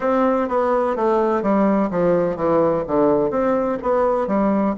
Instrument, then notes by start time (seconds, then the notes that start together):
bassoon
0.00 C4
0.48 B3
0.96 A3
1.42 G3
1.90 F3
2.36 E3
2.87 D3
3.30 C4
3.82 B3
4.27 G3